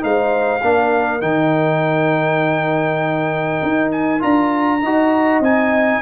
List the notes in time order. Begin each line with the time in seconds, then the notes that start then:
0.00 G#3 D#4 C5 F5
0.61 A#3 D4 A#4
1.20 D#3 D#4 G5
3.62 D#4
3.91 G#5
4.19 D4 F4 A#5
4.82 D#4 F#4 D#5
5.40 C4 D#4 G#5